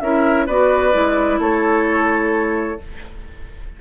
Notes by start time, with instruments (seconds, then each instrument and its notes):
0.00 bassoon C#4, clarinet E4, oboe A#4, flute E5
0.47 bassoon B3, clarinet F#4, oboe B4, flute D5
0.93 bassoon G#3, clarinet E4
1.40 bassoon A3, oboe A4, flute C#5